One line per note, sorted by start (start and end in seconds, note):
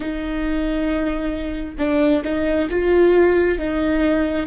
0.00 1.74 D#4
1.78 2.23 D4
2.24 2.69 D#4
2.69 3.58 F4
3.58 4.46 D#4